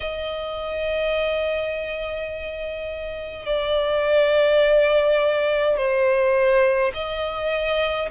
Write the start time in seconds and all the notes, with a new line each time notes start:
0.00 D#5
3.46 D5
5.76 C5
6.93 D#5